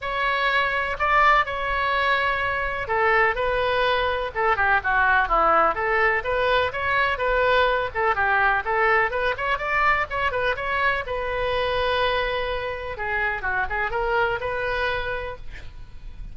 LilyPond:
\new Staff \with { instrumentName = "oboe" } { \time 4/4 \tempo 4 = 125 cis''2 d''4 cis''4~ | cis''2 a'4 b'4~ | b'4 a'8 g'8 fis'4 e'4 | a'4 b'4 cis''4 b'4~ |
b'8 a'8 g'4 a'4 b'8 cis''8 | d''4 cis''8 b'8 cis''4 b'4~ | b'2. gis'4 | fis'8 gis'8 ais'4 b'2 | }